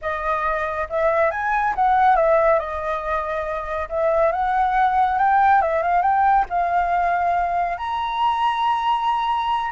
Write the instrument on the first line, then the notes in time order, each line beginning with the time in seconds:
flute
0.01 D#5
0.89 E5
1.30 G#5
1.75 F#5
2.16 E5
2.59 D#5
3.89 E5
4.32 F#5
5.18 G5
5.61 E5
5.82 F5
6.02 G5
6.49 F5
7.77 A#5